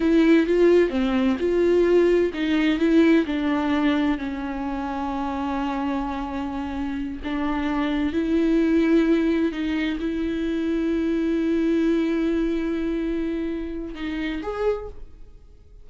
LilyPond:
\new Staff \with { instrumentName = "viola" } { \time 4/4 \tempo 4 = 129 e'4 f'4 c'4 f'4~ | f'4 dis'4 e'4 d'4~ | d'4 cis'2.~ | cis'2.~ cis'8 d'8~ |
d'4. e'2~ e'8~ | e'8 dis'4 e'2~ e'8~ | e'1~ | e'2 dis'4 gis'4 | }